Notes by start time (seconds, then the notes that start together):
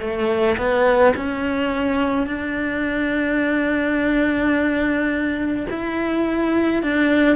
0.00 A3
0.58 B3
1.16 C#4
2.27 D4
5.70 E4
6.83 D4